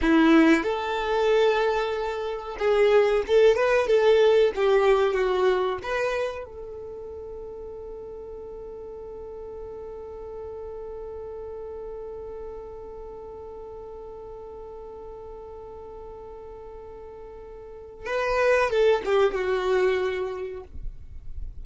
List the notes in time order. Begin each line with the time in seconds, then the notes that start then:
0.01 E4
0.63 A4
2.58 G#4
3.27 A4
3.56 B4
3.87 A4
4.55 G4
5.13 F#4
5.82 B4
6.45 A4
18.06 B4
18.69 A4
19.05 G4
19.34 F#4